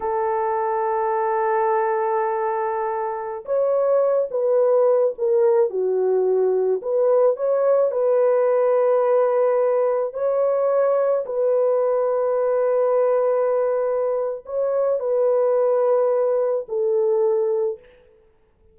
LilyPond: \new Staff \with { instrumentName = "horn" } { \time 4/4 \tempo 4 = 108 a'1~ | a'2~ a'16 cis''4. b'16~ | b'4~ b'16 ais'4 fis'4.~ fis'16~ | fis'16 b'4 cis''4 b'4.~ b'16~ |
b'2~ b'16 cis''4.~ cis''16~ | cis''16 b'2.~ b'8.~ | b'2 cis''4 b'4~ | b'2 a'2 | }